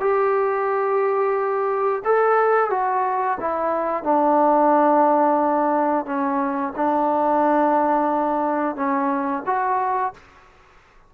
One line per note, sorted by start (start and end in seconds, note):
0.00 2.02 G4
2.04 2.70 A4
2.70 3.37 F#4
3.40 4.03 E4
4.03 6.05 D4
6.05 6.73 C#4
6.75 8.75 D4
8.75 9.43 C#4
9.46 10.13 F#4